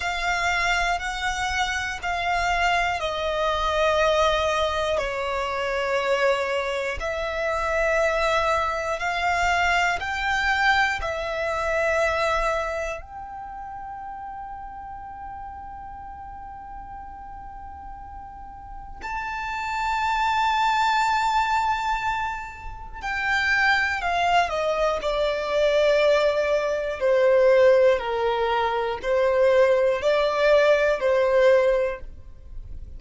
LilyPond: \new Staff \with { instrumentName = "violin" } { \time 4/4 \tempo 4 = 60 f''4 fis''4 f''4 dis''4~ | dis''4 cis''2 e''4~ | e''4 f''4 g''4 e''4~ | e''4 g''2.~ |
g''2. a''4~ | a''2. g''4 | f''8 dis''8 d''2 c''4 | ais'4 c''4 d''4 c''4 | }